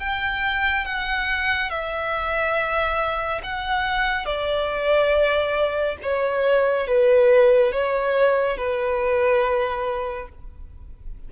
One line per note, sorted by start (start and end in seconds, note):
0.00 0.85 G5
0.85 1.70 F#5
1.70 3.42 E5
3.44 4.25 F#5
4.25 5.97 D5
6.02 6.87 C#5
6.87 7.72 B4
7.72 8.57 C#5
8.57 10.29 B4